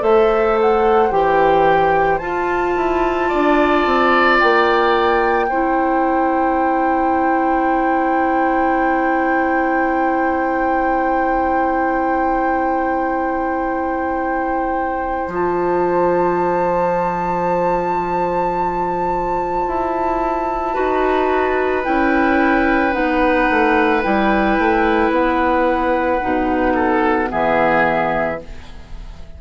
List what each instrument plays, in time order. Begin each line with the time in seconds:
0.00 bassoon A3, clarinet A4, oboe C5, flute E5
0.61 flute F#5
1.11 bassoon E3, clarinet G4, flute G5
2.19 bassoon F4, clarinet F4, flute A5
2.76 bassoon E4
3.29 bassoon D4, oboe D5
3.86 bassoon C4
4.39 bassoon A#3, flute G5
5.49 bassoon C4, clarinet E4, oboe C5
15.28 bassoon F3, clarinet F4
15.34 flute A5
19.68 bassoon E4
20.74 bassoon D#4, clarinet F#4, oboe B4
21.84 bassoon C#4, clarinet E4, flute G5
22.92 bassoon B3, clarinet D#4, flute F#5
23.50 bassoon A3
24.02 bassoon G3, clarinet E4, flute G5
24.59 bassoon A3
25.11 bassoon B3, flute F#5
26.21 bassoon B2, clarinet D#4
26.75 oboe A4
27.27 bassoon E3, clarinet B3, oboe G#4, flute E5